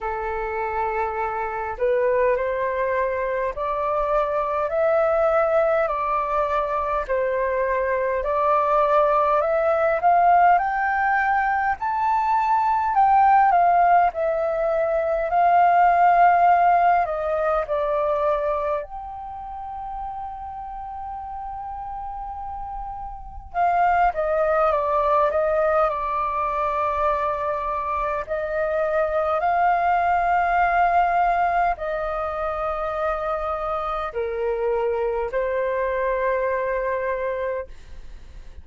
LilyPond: \new Staff \with { instrumentName = "flute" } { \time 4/4 \tempo 4 = 51 a'4. b'8 c''4 d''4 | e''4 d''4 c''4 d''4 | e''8 f''8 g''4 a''4 g''8 f''8 | e''4 f''4. dis''8 d''4 |
g''1 | f''8 dis''8 d''8 dis''8 d''2 | dis''4 f''2 dis''4~ | dis''4 ais'4 c''2 | }